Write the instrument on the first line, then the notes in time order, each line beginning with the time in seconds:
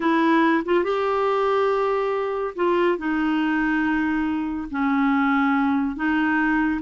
clarinet
0.00 E4
0.65 F4
0.84 G4
2.55 F4
2.98 D#4
4.70 C#4
5.96 D#4